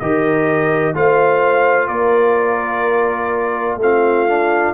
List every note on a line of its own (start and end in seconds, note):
0.00 0.94 D#3
0.00 0.95 G4
0.00 0.96 A#4
0.00 0.95 D#5
0.94 1.88 A3
0.94 3.81 F4
0.94 1.88 C5
0.94 1.88 F5
1.88 3.77 A#3
1.88 3.79 A#4
1.88 3.79 D5
3.77 4.72 A3
3.77 4.28 C4
3.83 4.74 F4
3.83 4.74 F5
4.28 4.74 D4